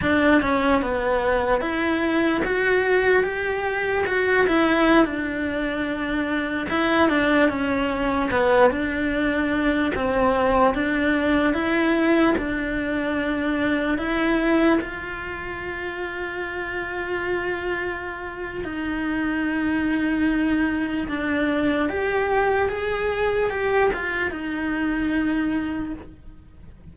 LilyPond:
\new Staff \with { instrumentName = "cello" } { \time 4/4 \tempo 4 = 74 d'8 cis'8 b4 e'4 fis'4 | g'4 fis'8 e'8. d'4.~ d'16~ | d'16 e'8 d'8 cis'4 b8 d'4~ d'16~ | d'16 c'4 d'4 e'4 d'8.~ |
d'4~ d'16 e'4 f'4.~ f'16~ | f'2. dis'4~ | dis'2 d'4 g'4 | gis'4 g'8 f'8 dis'2 | }